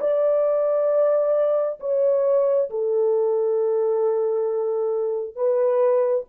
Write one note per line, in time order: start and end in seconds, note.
0.00 1.79 D5
1.80 2.69 C#5
2.69 5.35 A4
5.35 6.24 B4